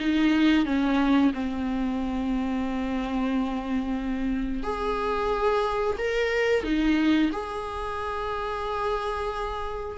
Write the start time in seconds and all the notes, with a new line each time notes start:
0.00 D#4
0.65 C#4
1.34 C4
4.63 G#4
5.98 A#4
6.64 D#4
7.32 G#4